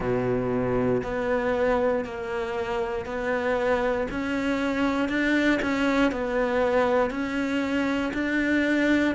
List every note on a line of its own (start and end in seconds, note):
0.00 1.02 B2
1.03 2.04 B3
2.04 3.05 A#3
3.05 4.07 B3
4.10 5.08 C#4
5.08 5.59 D4
5.62 6.11 C#4
6.11 7.10 B3
7.10 8.12 C#4
8.14 9.15 D4